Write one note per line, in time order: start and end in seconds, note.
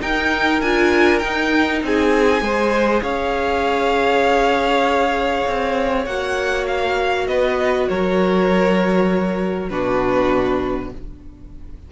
0.00 0.61 D#4
0.00 0.62 D#4
0.00 1.84 A#4
0.00 0.62 G5
0.62 1.23 D4
0.62 1.22 F4
0.62 1.19 G#5
1.19 2.42 D#4
1.19 1.83 D#4
1.19 1.80 G5
1.83 2.41 C4
1.83 2.44 G#4
1.83 3.03 G#5
2.41 3.02 G#3
2.41 6.05 G#4
2.41 3.03 C5
3.03 5.45 C#4
3.03 7.27 C#5
3.03 6.06 F5
5.47 6.07 C4
6.06 7.28 A#3
6.06 9.70 F#4
6.06 6.66 F#5
6.68 7.28 F5
7.28 7.88 B3
7.28 7.89 B4
7.28 7.88 D#5
7.89 9.71 F#3
7.89 9.70 A#4
7.89 9.70 C#5
9.70 10.92 B2
9.70 10.91 D4
9.70 10.92 F#4
9.70 10.91 B4